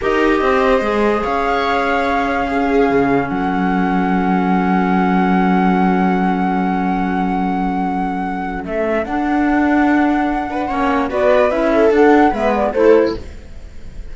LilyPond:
<<
  \new Staff \with { instrumentName = "flute" } { \time 4/4 \tempo 4 = 146 dis''2. f''4~ | f''1 | fis''1~ | fis''1~ |
fis''1~ | fis''4 e''4 fis''2~ | fis''2. d''4 | e''4 fis''4 e''8 d''8 c''4 | }
  \new Staff \with { instrumentName = "viola" } { \time 4/4 ais'4 c''2 cis''4~ | cis''2 gis'2 | a'1~ | a'1~ |
a'1~ | a'1~ | a'4. b'8 cis''4 b'4~ | b'8 a'4. b'4 a'4 | }
  \new Staff \with { instrumentName = "clarinet" } { \time 4/4 g'2 gis'2~ | gis'2 cis'2~ | cis'1~ | cis'1~ |
cis'1~ | cis'2 d'2~ | d'2 cis'4 fis'4 | e'4 d'4 b4 e'4 | }
  \new Staff \with { instrumentName = "cello" } { \time 4/4 dis'4 c'4 gis4 cis'4~ | cis'2. cis4 | fis1~ | fis1~ |
fis1~ | fis4 a4 d'2~ | d'2 ais4 b4 | cis'4 d'4 gis4 a4 | }
>>